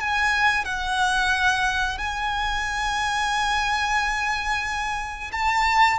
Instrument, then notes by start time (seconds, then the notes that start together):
violin
0.00 G#5
0.65 F#5
1.98 G#5
5.32 A5